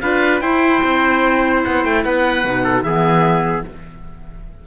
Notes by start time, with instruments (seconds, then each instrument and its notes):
0.00 cello D4, clarinet F4, trumpet B4, oboe F5
0.40 cello E4, clarinet E4, trumpet C5, oboe G5
0.83 cello C4
1.64 cello B3, oboe F#5
1.84 cello A3, oboe G5
2.04 cello B3, trumpet B4, oboe F#5
2.44 cello B2, clarinet D#4
2.63 trumpet A4
2.82 cello E3, clarinet B3, trumpet G#4, oboe E5